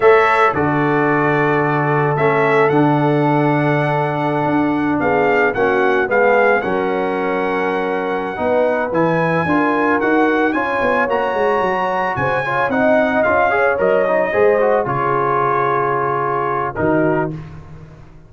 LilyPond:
<<
  \new Staff \with { instrumentName = "trumpet" } { \time 4/4 \tempo 4 = 111 e''4 d''2. | e''4 fis''2.~ | fis''4~ fis''16 f''4 fis''4 f''8.~ | f''16 fis''2.~ fis''8.~ |
fis''8 gis''2 fis''4 gis''8~ | gis''8 ais''2 gis''4 fis''8~ | fis''8 f''4 dis''2 cis''8~ | cis''2. ais'4 | }
  \new Staff \with { instrumentName = "horn" } { \time 4/4 cis''4 a'2.~ | a'1~ | a'4~ a'16 gis'4 fis'4 gis'8.~ | gis'16 ais'2.~ ais'16 b'8~ |
b'4. ais'2 cis''8~ | cis''2~ cis''8 c''8 cis''8 dis''8~ | dis''4 cis''4. c''4 gis'8~ | gis'2. fis'4 | }
  \new Staff \with { instrumentName = "trombone" } { \time 4/4 a'4 fis'2. | cis'4 d'2.~ | d'2~ d'16 cis'4 b8.~ | b16 cis'2.~ cis'16 dis'8~ |
dis'8 e'4 f'4 fis'4 f'8~ | f'8 fis'2~ fis'8 f'8 dis'8~ | dis'8 f'8 gis'8 ais'8 dis'8 gis'8 fis'8 f'8~ | f'2. dis'4 | }
  \new Staff \with { instrumentName = "tuba" } { \time 4/4 a4 d2. | a4 d2.~ | d16 d'4 b4 ais4 gis8.~ | gis16 fis2.~ fis16 b8~ |
b8 e4 d'4 dis'4 cis'8 | b8 ais8 gis8 fis4 cis4 c'8~ | c'8 cis'4 fis4 gis4 cis8~ | cis2. dis4 | }
>>